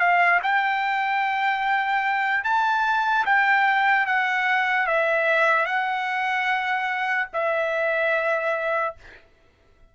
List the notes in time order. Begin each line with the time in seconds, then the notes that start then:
0.00 F5
0.43 G5
2.45 A5
3.26 G5
4.07 F#5
4.87 E5
5.66 F#5
7.33 E5